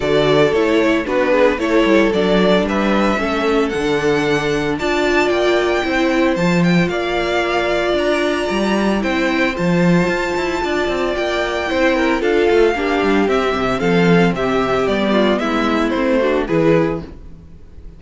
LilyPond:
<<
  \new Staff \with { instrumentName = "violin" } { \time 4/4 \tempo 4 = 113 d''4 cis''4 b'4 cis''4 | d''4 e''2 fis''4~ | fis''4 a''4 g''2 | a''8 g''8 f''2 ais''4~ |
ais''4 g''4 a''2~ | a''4 g''2 f''4~ | f''4 e''4 f''4 e''4 | d''4 e''4 c''4 b'4 | }
  \new Staff \with { instrumentName = "violin" } { \time 4/4 a'2 fis'8 gis'8 a'4~ | a'4 b'4 a'2~ | a'4 d''2 c''4~ | c''4 d''2.~ |
d''4 c''2. | d''2 c''8 ais'8 a'4 | g'2 a'4 g'4~ | g'8 f'8 e'4. fis'8 gis'4 | }
  \new Staff \with { instrumentName = "viola" } { \time 4/4 fis'4 e'4 d'4 e'4 | d'2 cis'4 d'4~ | d'4 f'2 e'4 | f'1~ |
f'4 e'4 f'2~ | f'2 e'4 f'4 | d'4 c'2. | b2 c'8 d'8 e'4 | }
  \new Staff \with { instrumentName = "cello" } { \time 4/4 d4 a4 b4 a8 g8 | fis4 g4 a4 d4~ | d4 d'4 ais4 c'4 | f4 ais2 d'4 |
g4 c'4 f4 f'8 e'8 | d'8 c'8 ais4 c'4 d'8 a8 | ais8 g8 c'8 c8 f4 c4 | g4 gis4 a4 e4 | }
>>